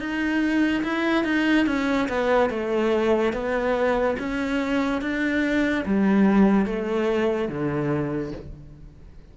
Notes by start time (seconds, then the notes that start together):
0.00 D#4
0.83 E4
1.24 D#4
1.66 C#4
2.09 B3
2.50 A3
3.33 B3
4.19 C#4
5.01 D4
5.86 G3
6.66 A3
7.48 D3